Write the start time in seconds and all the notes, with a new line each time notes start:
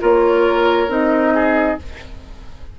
0.00 A#3 F4 A#4 C#5
0.88 C4 D#4 D#5
1.35 G#4